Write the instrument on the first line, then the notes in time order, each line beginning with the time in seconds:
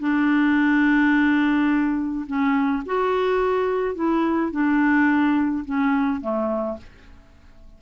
clarinet
0.00 D4
2.27 C#4
2.86 F#4
3.96 E4
4.52 D4
5.66 C#4
6.21 A3